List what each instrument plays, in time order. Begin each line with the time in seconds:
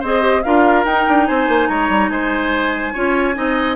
0.00 bassoon C4, clarinet G#4, oboe C5, flute D#5
0.21 clarinet G4
0.43 bassoon D4, clarinet F4, oboe A#4, flute F5
0.85 bassoon D#4, clarinet D#4, flute G5
1.09 bassoon D4
1.27 bassoon C4, oboe C5, flute G#5
1.48 bassoon A#3
1.68 bassoon G#3, oboe C#5, flute A#5
1.89 bassoon G3
2.10 bassoon G#3, oboe C5, flute G#5
2.94 bassoon C#4, clarinet F4, oboe C#5
3.34 bassoon C4, clarinet D#4, oboe D#5